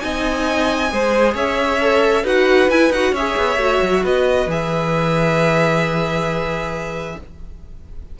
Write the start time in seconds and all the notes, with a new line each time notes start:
0.00 C4 D#4 D#5 G#5
0.91 G#3 G#4 C5
1.35 C#4 C#5 E5
1.81 A4
2.23 D#4 F#4 B4 F#5
2.69 E4 G#5
2.90 D#4 F#4 F#5
3.12 C#4 G#4 C#5 E5
3.37 B3
3.57 A3 F#4
3.82 F#3
4.03 B3 B4 D#5
4.47 E3 G#4 E5